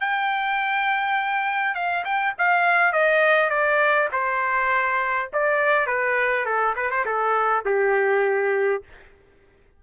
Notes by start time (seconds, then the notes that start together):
0.00 G5
1.75 F5
2.05 G5
2.38 F5
2.93 D#5
3.50 D5
4.12 C5
5.33 D5
5.86 B4
6.45 A4
6.76 B4
6.91 C5
7.05 A4
7.66 G4